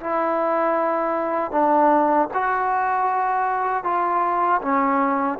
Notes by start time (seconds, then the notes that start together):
0.00 E4
1.51 D4
2.34 F#4
3.84 F4
4.62 C#4